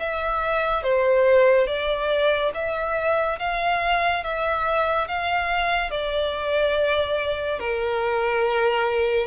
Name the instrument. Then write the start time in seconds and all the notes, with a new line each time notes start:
violin
0.00 E5
0.84 C5
1.67 D5
2.55 E5
3.40 F5
4.24 E5
5.08 F5
5.91 D5
7.60 A#4